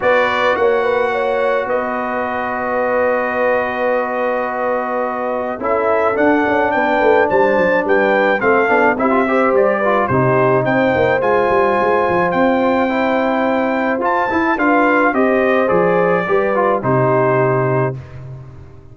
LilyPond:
<<
  \new Staff \with { instrumentName = "trumpet" } { \time 4/4 \tempo 4 = 107 d''4 fis''2 dis''4~ | dis''1~ | dis''2 e''4 fis''4 | g''4 a''4 g''4 f''4 |
e''4 d''4 c''4 g''4 | gis''2 g''2~ | g''4 a''4 f''4 dis''4 | d''2 c''2 | }
  \new Staff \with { instrumentName = "horn" } { \time 4/4 b'4 cis''8 b'8 cis''4 b'4~ | b'1~ | b'2 a'2 | b'4 c''4 b'4 a'4 |
g'8 c''4 b'8 g'4 c''4~ | c''1~ | c''2 b'4 c''4~ | c''4 b'4 g'2 | }
  \new Staff \with { instrumentName = "trombone" } { \time 4/4 fis'1~ | fis'1~ | fis'2 e'4 d'4~ | d'2. c'8 d'8 |
e'16 f'16 g'4 f'8 dis'2 | f'2. e'4~ | e'4 f'8 e'8 f'4 g'4 | gis'4 g'8 f'8 dis'2 | }
  \new Staff \with { instrumentName = "tuba" } { \time 4/4 b4 ais2 b4~ | b1~ | b2 cis'4 d'8 cis'8 | b8 a8 g8 fis8 g4 a8 b8 |
c'4 g4 c4 c'8 ais8 | gis8 g8 gis8 f8 c'2~ | c'4 f'8 e'8 d'4 c'4 | f4 g4 c2 | }
>>